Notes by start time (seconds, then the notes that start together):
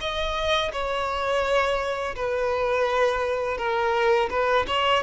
0.00 D#5
0.72 C#5
2.15 B4
3.57 A#4
4.30 B4
4.67 C#5